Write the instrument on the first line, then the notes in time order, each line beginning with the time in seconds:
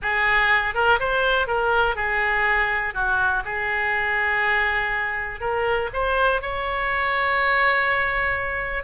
oboe
0.02 G#4
0.74 A#4
0.99 C5
1.47 A#4
1.95 G#4
2.94 F#4
3.44 G#4
5.40 A#4
5.93 C5
6.41 C#5